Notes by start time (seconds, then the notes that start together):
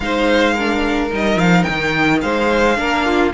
0.00 G#3 D#4 C5 F5
0.53 D4 A#4
1.10 G3 D#4 D#5
1.36 F3 F5
1.63 D#3 G5
2.21 G#3 C5 F5
2.76 A#3 D4 A#4
3.05 F4